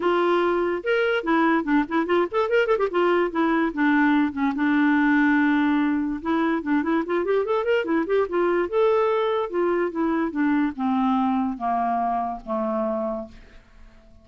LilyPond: \new Staff \with { instrumentName = "clarinet" } { \time 4/4 \tempo 4 = 145 f'2 ais'4 e'4 | d'8 e'8 f'8 a'8 ais'8 a'16 g'16 f'4 | e'4 d'4. cis'8 d'4~ | d'2. e'4 |
d'8 e'8 f'8 g'8 a'8 ais'8 e'8 g'8 | f'4 a'2 f'4 | e'4 d'4 c'2 | ais2 a2 | }